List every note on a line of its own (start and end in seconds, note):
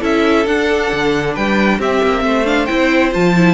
0.00 0.46 C#4
0.00 0.45 E4
0.00 1.33 A4
0.00 0.46 E5
0.46 0.91 D4
0.46 1.81 D4
0.46 1.35 F#5
0.93 1.37 D3
1.34 1.79 G3
1.34 1.78 B4
1.34 1.80 G5
1.79 2.01 C4
1.79 2.45 C4
1.79 2.24 G4
1.79 2.46 E5
2.03 2.24 A#3
2.24 2.69 A3
2.24 3.54 C5
2.45 2.67 D4
2.45 2.66 F5
2.66 3.15 C4
2.66 3.12 E4
2.66 3.10 G5
3.12 3.54 F3
3.12 3.34 F4
3.12 3.54 A5
3.35 3.54 E4